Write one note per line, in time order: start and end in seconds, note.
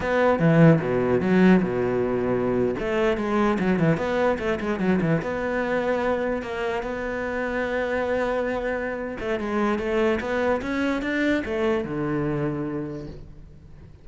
0.00 0.39 B3
0.39 0.80 E3
0.81 1.20 B2
1.20 1.61 F#3
1.62 2.74 B2
2.79 3.17 A3
3.17 3.58 G#3
3.59 3.79 F#3
3.79 3.97 E3
3.97 4.38 B3
4.38 4.59 A3
4.60 4.79 G#3
4.79 5.00 F#3
5.01 5.21 E3
5.22 6.42 B3
6.42 6.82 A#3
6.82 9.17 B3
9.20 9.39 A3
9.39 9.78 G#3
9.78 10.19 A3
10.20 10.61 B3
10.61 11.02 C#4
11.02 11.42 D4
11.45 11.84 A3
11.84 13.07 D3